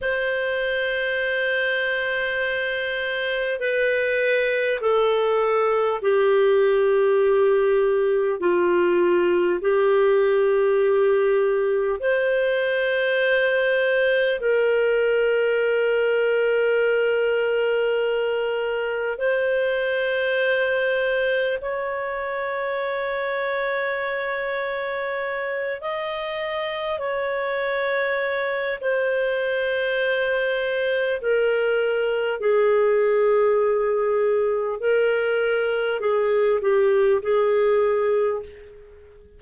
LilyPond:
\new Staff \with { instrumentName = "clarinet" } { \time 4/4 \tempo 4 = 50 c''2. b'4 | a'4 g'2 f'4 | g'2 c''2 | ais'1 |
c''2 cis''2~ | cis''4. dis''4 cis''4. | c''2 ais'4 gis'4~ | gis'4 ais'4 gis'8 g'8 gis'4 | }